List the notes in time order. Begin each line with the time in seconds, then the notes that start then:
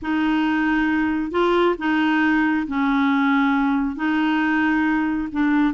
0.02 D#4
1.31 F4
1.78 D#4
2.67 C#4
3.96 D#4
5.32 D4